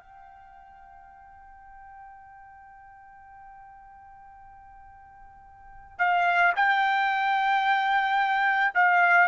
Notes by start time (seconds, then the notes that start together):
0.00 G5
5.99 F5
6.56 G5
8.75 F5